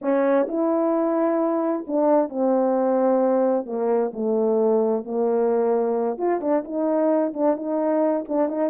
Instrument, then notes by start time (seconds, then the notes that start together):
horn
0.01 C#4
0.48 E4
1.87 D4
2.29 C4
3.65 A#3
4.13 A3
5.04 A#3
6.17 F4
6.40 D4
6.64 D#4
7.33 D4
7.56 D#4
8.28 D4
8.48 D#4